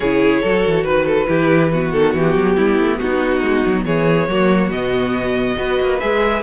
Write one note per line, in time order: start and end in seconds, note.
0.00 0.42 C#3
0.00 0.44 E4
0.00 0.41 G#4
0.00 0.85 C#5
0.41 0.65 F#3
0.41 1.27 F#4
0.41 0.84 A4
0.66 0.83 E3
0.83 1.26 D#3
0.83 1.05 B4
0.83 1.92 B4
1.05 1.27 A4
1.27 1.92 E3
1.27 1.70 E4
1.27 1.71 G4
1.72 4.29 B3
1.72 2.56 F#4
1.92 2.14 D#3
1.92 2.13 A4
2.14 2.35 E3
2.14 2.98 G4
2.35 2.56 F#3
2.56 2.79 G3
2.56 2.98 E4
2.79 3.00 A3
2.98 3.41 B3
2.98 3.86 D#4
2.98 3.84 F#4
3.41 3.63 G#3
3.66 3.85 F#3
3.85 4.28 E3
3.85 4.28 G#4
3.85 4.71 C#5
4.28 4.70 F#3
4.28 4.71 A#3
4.28 5.57 F#4
4.70 5.55 B2
4.70 5.57 B3
4.70 5.99 D#5
5.57 5.79 B3
5.57 5.99 F#4
5.57 6.42 B4
5.80 6.02 A#3
5.99 6.42 G#3
5.99 6.42 G#4
5.99 6.42 E5